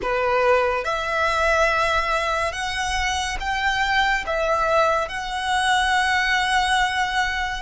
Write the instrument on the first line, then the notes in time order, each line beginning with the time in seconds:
violin
0.02 B4
0.84 E5
2.52 F#5
3.40 G5
4.26 E5
5.08 F#5